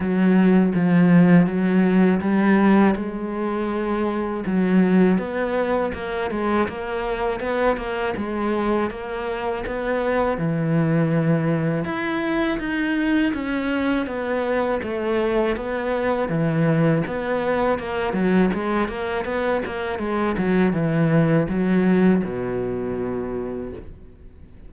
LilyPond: \new Staff \with { instrumentName = "cello" } { \time 4/4 \tempo 4 = 81 fis4 f4 fis4 g4 | gis2 fis4 b4 | ais8 gis8 ais4 b8 ais8 gis4 | ais4 b4 e2 |
e'4 dis'4 cis'4 b4 | a4 b4 e4 b4 | ais8 fis8 gis8 ais8 b8 ais8 gis8 fis8 | e4 fis4 b,2 | }